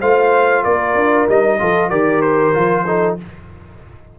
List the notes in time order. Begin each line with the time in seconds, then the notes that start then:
0.00 A3 F4 C5 F5
0.64 A#3 A#4 D5
0.95 D4
1.28 G3 D#4 D#5
1.59 F3 F4 A4
1.89 D#3 G4 A#4 D5
2.21 C5
2.53 F3 F4
2.86 D#4 A4